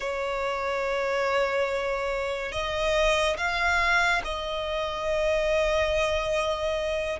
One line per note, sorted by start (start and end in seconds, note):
0.00 2.52 C#5
2.52 3.36 D#5
3.37 4.21 F5
4.24 7.20 D#5